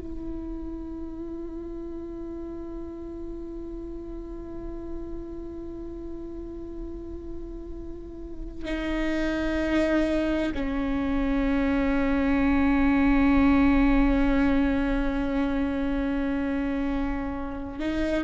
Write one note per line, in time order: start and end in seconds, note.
0.00 8.65 E4
8.65 10.53 D#4
10.55 17.80 C#4
17.80 18.25 D#4